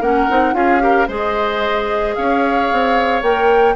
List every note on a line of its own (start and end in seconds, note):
0.00 0.27 A#3
0.00 0.29 C#4
0.00 0.54 A#4
0.00 0.54 F#5
0.29 0.53 C4
0.29 0.53 D#4
0.53 1.07 C#4
0.53 0.79 F4
0.53 0.82 G#4
0.53 1.07 F5
0.79 1.06 G4
0.79 1.07 A#4
1.07 2.15 G#3
1.07 3.23 G#4
1.07 2.14 C5
1.07 2.15 D#5
2.15 2.71 C#4
2.15 3.75 C#5
2.15 3.22 F5
2.72 3.22 C4
3.22 3.75 A#3
3.22 3.75 A#4
3.22 3.75 G5